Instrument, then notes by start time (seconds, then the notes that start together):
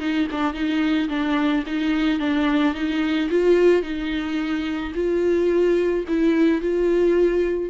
viola
0.00 D#4
0.31 D4
0.54 D#4
1.09 D4
1.67 D#4
2.20 D4
2.74 D#4
3.30 F4
3.83 D#4
4.95 F4
6.08 E4
6.62 F4